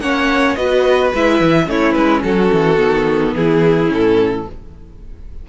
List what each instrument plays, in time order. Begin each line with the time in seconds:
0.00 cello A#3, viola C#4, violin C#5 F#5
0.55 cello B3, viola F#4, violin B4 D#5
1.13 cello G#3, viola E4, violin E5
1.40 cello E3
1.65 cello A3, viola C#4, violin E4 C#5
1.92 cello G#3, violin B4
2.23 cello F#3, violin F#4 A4
2.52 cello E3
2.77 cello D#3, viola B3
3.34 cello E3, violin E4 G#4
3.86 cello A2, viola C#4
3.93 violin A4